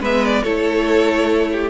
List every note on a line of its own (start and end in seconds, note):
0.00 0.43 G#3
0.00 0.45 B3
0.00 0.43 B4
0.00 0.25 E5
0.25 0.43 D5
0.43 1.70 A3
0.43 1.70 E4
0.43 1.49 A4
0.43 1.70 C#5
1.52 1.70 G4